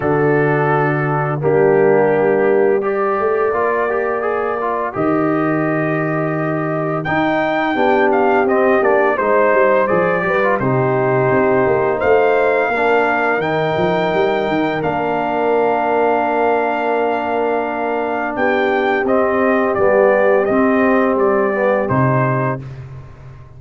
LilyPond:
<<
  \new Staff \with { instrumentName = "trumpet" } { \time 4/4 \tempo 4 = 85 a'2 g'2 | d''2. dis''4~ | dis''2 g''4. f''8 | dis''8 d''8 c''4 d''4 c''4~ |
c''4 f''2 g''4~ | g''4 f''2.~ | f''2 g''4 dis''4 | d''4 dis''4 d''4 c''4 | }
  \new Staff \with { instrumentName = "horn" } { \time 4/4 fis'2 d'2 | ais'1~ | ais'2. g'4~ | g'4 c''4. b'8 g'4~ |
g'4 c''4 ais'2~ | ais'1~ | ais'2 g'2~ | g'1 | }
  \new Staff \with { instrumentName = "trombone" } { \time 4/4 d'2 ais2 | g'4 f'8 g'8 gis'8 f'8 g'4~ | g'2 dis'4 d'4 | c'8 d'8 dis'4 gis'8 g'16 f'16 dis'4~ |
dis'2 d'4 dis'4~ | dis'4 d'2.~ | d'2. c'4 | b4 c'4. b8 dis'4 | }
  \new Staff \with { instrumentName = "tuba" } { \time 4/4 d2 g2~ | g8 a8 ais2 dis4~ | dis2 dis'4 b4 | c'8 ais8 gis8 g8 f8 g8 c4 |
c'8 ais8 a4 ais4 dis8 f8 | g8 dis8 ais2.~ | ais2 b4 c'4 | g4 c'4 g4 c4 | }
>>